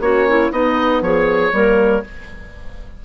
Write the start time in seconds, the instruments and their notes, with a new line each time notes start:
0.00 bassoon A#3, horn C#4, clarinet F#4, oboe C#5
0.28 clarinet E4
0.52 bassoon B3, horn B3, clarinet D#4, oboe D#5
1.01 bassoon F3, clarinet G#4, oboe C#5
1.52 bassoon G3, horn A#3, clarinet A#4